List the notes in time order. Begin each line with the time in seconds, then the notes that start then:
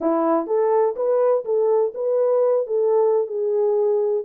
0.00 E4
0.46 A4
0.96 B4
1.44 A4
1.94 B4
2.66 A4
3.27 G#4